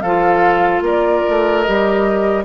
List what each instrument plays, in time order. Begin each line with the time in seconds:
0.00 bassoon F3, clarinet F4, oboe A4, flute F5
0.81 bassoon A#3, oboe A#4, flute D5
1.28 bassoon A3
1.62 bassoon G3, clarinet G4, flute D#5